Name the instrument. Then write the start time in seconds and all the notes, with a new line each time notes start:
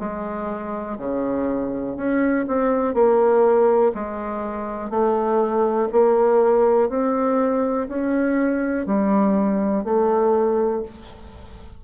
bassoon
0.00 G#3
0.98 C#3
1.97 C#4
2.48 C4
2.94 A#3
3.95 G#3
4.90 A3
5.93 A#3
6.89 C4
7.89 C#4
8.86 G3
9.85 A3